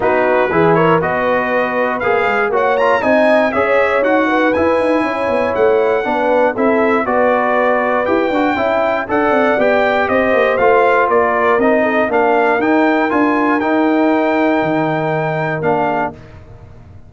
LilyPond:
<<
  \new Staff \with { instrumentName = "trumpet" } { \time 4/4 \tempo 4 = 119 b'4. cis''8 dis''2 | f''4 fis''8 ais''8 gis''4 e''4 | fis''4 gis''2 fis''4~ | fis''4 e''4 d''2 |
g''2 fis''4 g''4 | dis''4 f''4 d''4 dis''4 | f''4 g''4 gis''4 g''4~ | g''2. f''4 | }
  \new Staff \with { instrumentName = "horn" } { \time 4/4 fis'4 gis'8 ais'8 b'2~ | b'4 cis''4 dis''4 cis''4~ | cis''8 b'4. cis''2 | b'4 a'4 b'2~ |
b'4 e''4 d''2 | c''2 ais'4. a'8 | ais'1~ | ais'2.~ ais'8 gis'8 | }
  \new Staff \with { instrumentName = "trombone" } { \time 4/4 dis'4 e'4 fis'2 | gis'4 fis'8 f'8 dis'4 gis'4 | fis'4 e'2. | d'4 e'4 fis'2 |
g'8 fis'8 e'4 a'4 g'4~ | g'4 f'2 dis'4 | d'4 dis'4 f'4 dis'4~ | dis'2. d'4 | }
  \new Staff \with { instrumentName = "tuba" } { \time 4/4 b4 e4 b2 | ais8 gis8 ais4 c'4 cis'4 | dis'4 e'8 dis'8 cis'8 b8 a4 | b4 c'4 b2 |
e'8 d'8 cis'4 d'8 c'8 b4 | c'8 ais8 a4 ais4 c'4 | ais4 dis'4 d'4 dis'4~ | dis'4 dis2 ais4 | }
>>